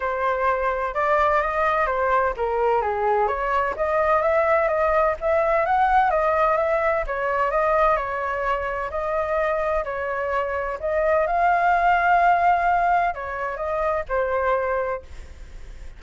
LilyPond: \new Staff \with { instrumentName = "flute" } { \time 4/4 \tempo 4 = 128 c''2 d''4 dis''4 | c''4 ais'4 gis'4 cis''4 | dis''4 e''4 dis''4 e''4 | fis''4 dis''4 e''4 cis''4 |
dis''4 cis''2 dis''4~ | dis''4 cis''2 dis''4 | f''1 | cis''4 dis''4 c''2 | }